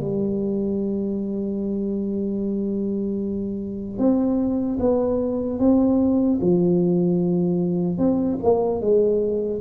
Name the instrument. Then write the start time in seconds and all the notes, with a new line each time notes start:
tuba
0.00 G3
3.98 C4
4.79 B3
5.59 C4
6.41 F3
7.98 C4
8.43 A#3
8.80 G#3